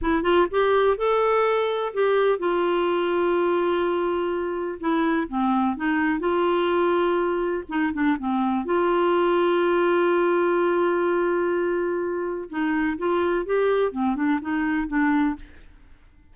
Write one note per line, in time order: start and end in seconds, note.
0.01 0.22 E4
0.22 0.46 F4
0.50 0.97 G4
0.97 1.93 A4
1.93 2.38 G4
2.38 4.78 F4
4.79 5.27 E4
5.28 5.76 C4
5.76 6.19 D#4
6.19 7.63 F4
7.68 7.92 D#4
7.93 8.17 D4
8.19 8.65 C4
8.65 12.49 F4
12.49 12.97 D#4
12.98 13.45 F4
13.45 13.91 G4
13.91 14.15 C4
14.15 14.39 D4
14.41 14.87 D#4
14.87 15.35 D4